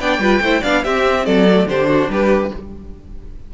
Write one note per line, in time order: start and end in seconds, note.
0.00 0.19 B3
0.00 0.21 D4
0.00 0.21 D5
0.00 0.63 G5
0.19 0.40 G3
0.19 0.43 F4
0.19 0.42 B4
0.41 0.63 A3
0.41 0.64 E4
0.41 0.61 C5
0.61 0.86 B3
0.61 0.85 D4
0.61 0.83 D5
0.61 0.84 F5
0.84 1.48 C4
0.84 1.27 C4
0.84 1.26 G4
0.84 1.26 E5
1.26 1.66 F#3
1.26 1.68 A4
1.26 1.68 D5
1.49 1.69 A3
1.66 2.08 D3
1.66 2.54 D4
1.66 1.89 G4
1.66 2.11 C5
1.89 2.10 F#4
2.09 2.51 G3
2.09 2.54 G4
2.09 2.54 B4